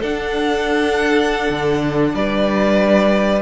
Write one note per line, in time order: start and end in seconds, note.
0.00 1.48 D4
0.00 3.41 D4
0.00 2.12 A4
0.00 2.14 F#5
1.49 2.14 D3
2.14 3.41 G3
2.14 3.41 B4
2.14 3.41 D5